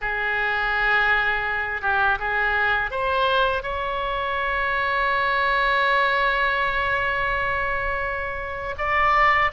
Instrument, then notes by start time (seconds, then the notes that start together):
oboe
0.01 G#4
1.81 G4
2.19 G#4
2.91 C5
3.63 C#5
8.78 D5